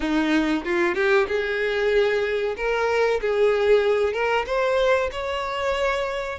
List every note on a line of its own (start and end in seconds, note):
0.00 0.64 D#4
0.64 0.94 F4
0.94 1.26 G4
1.28 2.55 G#4
2.56 3.20 A#4
3.21 4.13 G#4
4.13 4.45 A#4
4.46 5.10 C5
5.11 6.38 C#5